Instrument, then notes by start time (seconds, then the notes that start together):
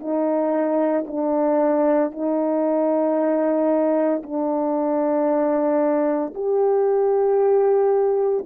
horn
0.00 D#4
1.07 D4
2.12 D#4
4.23 D4
6.35 G4